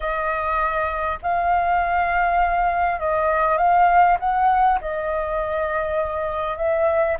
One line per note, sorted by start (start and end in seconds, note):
0.00 1.18 D#5
1.22 2.99 F5
2.99 3.57 D#5
3.57 4.17 F5
4.19 4.79 F#5
4.80 6.57 D#5
6.57 7.17 E5